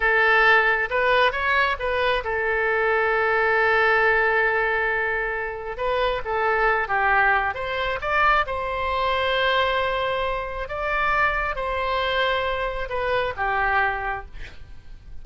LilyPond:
\new Staff \with { instrumentName = "oboe" } { \time 4/4 \tempo 4 = 135 a'2 b'4 cis''4 | b'4 a'2.~ | a'1~ | a'4 b'4 a'4. g'8~ |
g'4 c''4 d''4 c''4~ | c''1 | d''2 c''2~ | c''4 b'4 g'2 | }